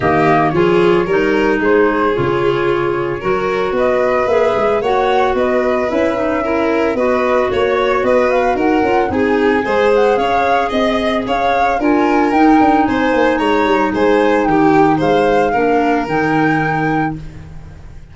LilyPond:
<<
  \new Staff \with { instrumentName = "flute" } { \time 4/4 \tempo 4 = 112 dis''4 cis''2 c''4 | cis''2. dis''4 | e''4 fis''4 dis''4 e''4~ | e''4 dis''4 cis''4 dis''8 f''8 |
fis''4 gis''4. fis''8 f''4 | dis''4 f''4 gis''4 g''4 | gis''4 ais''4 gis''4 g''4 | f''2 g''2 | }
  \new Staff \with { instrumentName = "violin" } { \time 4/4 g'4 gis'4 ais'4 gis'4~ | gis'2 ais'4 b'4~ | b'4 cis''4 b'2 | ais'4 b'4 cis''4 b'4 |
ais'4 gis'4 c''4 cis''4 | dis''4 cis''4 ais'2 | c''4 cis''4 c''4 g'4 | c''4 ais'2. | }
  \new Staff \with { instrumentName = "clarinet" } { \time 4/4 ais4 f'4 dis'2 | f'2 fis'2 | gis'4 fis'2 e'8 dis'8 | e'4 fis'2.~ |
fis'8 f'8 dis'4 gis'2~ | gis'2 f'4 dis'4~ | dis'1~ | dis'4 d'4 dis'2 | }
  \new Staff \with { instrumentName = "tuba" } { \time 4/4 dis4 f4 g4 gis4 | cis2 fis4 b4 | ais8 gis8 ais4 b4 cis'4~ | cis'4 b4 ais4 b4 |
dis'8 cis'8 c'4 gis4 cis'4 | c'4 cis'4 d'4 dis'8 d'8 | c'8 ais8 gis8 g8 gis4 dis4 | gis4 ais4 dis2 | }
>>